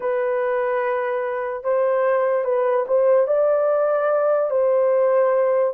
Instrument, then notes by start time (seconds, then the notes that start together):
horn
0.00 B4
1.63 C5
2.44 B4
2.87 C5
3.27 D5
4.50 C5